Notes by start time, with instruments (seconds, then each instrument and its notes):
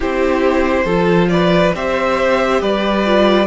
0.00 cello C4, viola E4, violin G4 C5
0.84 cello F3, viola F4, violin A4
1.28 violin B4 D5
1.74 cello C4, viola G4, violin C5 E5
2.61 cello G3, violin B4 D5
3.05 viola F4